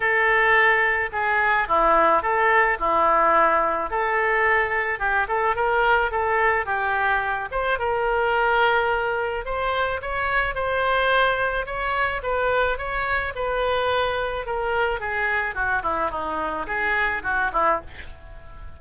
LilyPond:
\new Staff \with { instrumentName = "oboe" } { \time 4/4 \tempo 4 = 108 a'2 gis'4 e'4 | a'4 e'2 a'4~ | a'4 g'8 a'8 ais'4 a'4 | g'4. c''8 ais'2~ |
ais'4 c''4 cis''4 c''4~ | c''4 cis''4 b'4 cis''4 | b'2 ais'4 gis'4 | fis'8 e'8 dis'4 gis'4 fis'8 e'8 | }